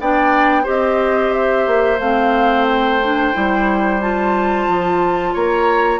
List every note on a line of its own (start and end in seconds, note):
0.00 0.67 B3
0.00 0.64 D4
0.00 0.63 D5
0.00 0.68 G5
0.63 1.67 C4
0.63 1.97 G4
0.63 5.29 C5
0.63 1.32 D#5
1.32 1.99 E5
1.67 1.99 A#3
1.99 3.32 A3
1.99 3.02 C4
1.99 2.66 F5
2.68 4.01 G5
3.02 3.33 D4
3.33 4.68 G3
3.33 4.00 E4
4.01 6.00 F4
4.01 5.34 A5
4.68 5.35 F3
5.34 6.00 A#3
5.34 6.00 C#5
5.34 6.00 A#5